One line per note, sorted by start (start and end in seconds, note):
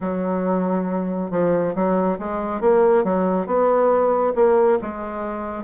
0.00 1.30 F#3
1.30 1.74 F3
1.75 2.18 F#3
2.18 2.60 G#3
2.60 3.04 A#3
3.04 3.46 F#3
3.46 4.33 B3
4.35 4.78 A#3
4.81 5.63 G#3